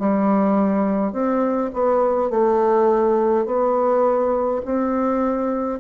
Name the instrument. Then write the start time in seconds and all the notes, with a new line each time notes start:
bassoon
0.00 G3
1.13 C4
1.74 B3
2.31 A3
3.47 B3
4.65 C4